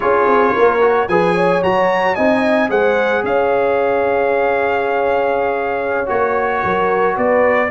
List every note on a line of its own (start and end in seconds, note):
0.00 0.26 C#4
0.00 0.79 F4
0.00 0.53 G#4
0.00 1.08 C#5
0.26 0.53 C4
0.53 1.08 A#3
0.53 1.07 A#4
0.81 1.08 F#4
1.08 1.62 F3
1.08 1.62 G#4
1.08 1.34 B4
1.08 1.62 G#5
1.34 2.15 C#5
1.62 2.17 F#3
1.62 2.16 F#4
1.62 2.15 A#5
2.15 2.70 C4
2.15 2.68 D#4
2.15 2.69 D#5
2.15 2.69 G#5
2.68 3.23 G#3
2.68 6.05 G#4
2.68 3.23 C5
2.68 3.24 F#5
3.23 6.07 C#4
3.23 6.62 C#5
3.23 6.08 F5
6.05 6.63 A#3
6.05 7.68 F#4
6.05 7.16 C#5
6.63 7.17 F#3
6.63 7.15 A#4
7.15 7.70 B3
7.15 7.69 B4
7.15 7.70 D5